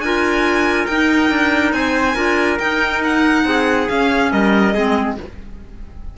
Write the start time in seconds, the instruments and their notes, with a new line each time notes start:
0.00 cello D4, clarinet F4, trumpet A#4, violin G#5
0.86 cello D#4, clarinet D#4, violin G5
1.30 cello D4
1.72 cello C4, trumpet C5, violin G#5
2.15 cello D4, clarinet F4, trumpet A#4
2.59 clarinet D#4, cello D#4, violin G5
3.04 violin F#5
3.45 cello C4, trumpet G#4
3.89 clarinet C#4, cello C#4, violin F5
4.32 cello G3, trumpet A#4, violin D#5
4.74 cello G#3, clarinet C4, trumpet G#4